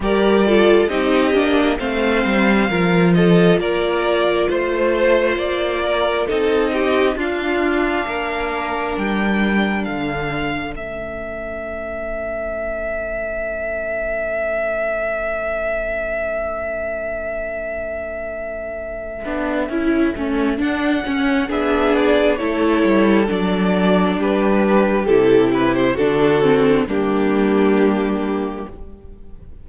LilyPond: <<
  \new Staff \with { instrumentName = "violin" } { \time 4/4 \tempo 4 = 67 d''4 dis''4 f''4. dis''8 | d''4 c''4 d''4 dis''4 | f''2 g''4 f''4 | e''1~ |
e''1~ | e''2. fis''4 | e''8 d''8 cis''4 d''4 b'4 | a'8 b'16 c''16 a'4 g'2 | }
  \new Staff \with { instrumentName = "violin" } { \time 4/4 ais'8 a'8 g'4 c''4 ais'8 a'8 | ais'4 c''4. ais'8 a'8 g'8 | f'4 ais'2 a'4~ | a'1~ |
a'1~ | a'1 | gis'4 a'2 g'4~ | g'4 fis'4 d'2 | }
  \new Staff \with { instrumentName = "viola" } { \time 4/4 g'8 f'8 dis'8 d'8 c'4 f'4~ | f'2. dis'4 | d'1 | cis'1~ |
cis'1~ | cis'4. d'8 e'8 cis'8 d'8 cis'8 | d'4 e'4 d'2 | e'4 d'8 c'8 ais2 | }
  \new Staff \with { instrumentName = "cello" } { \time 4/4 g4 c'8 ais8 a8 g8 f4 | ais4 a4 ais4 c'4 | d'4 ais4 g4 d4 | a1~ |
a1~ | a4. b8 cis'8 a8 d'8 cis'8 | b4 a8 g8 fis4 g4 | c4 d4 g2 | }
>>